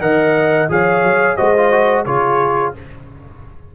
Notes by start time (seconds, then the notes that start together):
0.00 D#3 A#4 D#5 F#5
0.69 F3 G#4 C#5 F5
1.03 F#3
1.37 G#3 F#4 C5 D#5
1.57 F4
1.72 F#4
2.05 C#3 F4 G#4 C#5